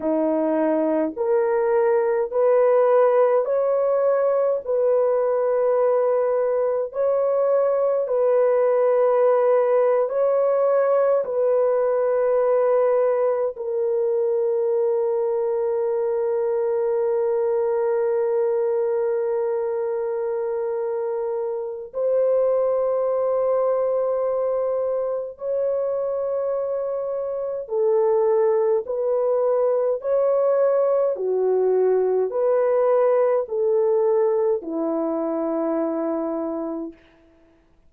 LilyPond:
\new Staff \with { instrumentName = "horn" } { \time 4/4 \tempo 4 = 52 dis'4 ais'4 b'4 cis''4 | b'2 cis''4 b'4~ | b'8. cis''4 b'2 ais'16~ | ais'1~ |
ais'2. c''4~ | c''2 cis''2 | a'4 b'4 cis''4 fis'4 | b'4 a'4 e'2 | }